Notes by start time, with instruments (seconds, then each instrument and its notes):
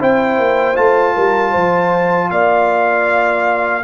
0.00 tuba C4, trombone E4, horn C5, trumpet G5
0.38 tuba A#3
0.75 tuba A3, trombone F4, trumpet A5
1.16 tuba G3, horn A#4
1.52 tuba F3, horn C5
2.31 tuba A#3, horn D5, trumpet F5